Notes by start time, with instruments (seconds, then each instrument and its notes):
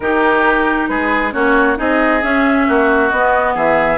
0.00 bassoon D#3, clarinet D#4, oboe G4, flute A#4
0.87 bassoon G#3, oboe G#4, flute B4
1.32 bassoon A#3, clarinet C#4, oboe F#4, flute C#5
1.76 bassoon C4, clarinet D#4, oboe G#4, flute D#5
2.21 clarinet C#4, bassoon C#4, flute E5
2.67 bassoon A#3, oboe F#4
3.09 bassoon B3, clarinet B3, flute D#5
3.54 bassoon E3, oboe G#4, flute E5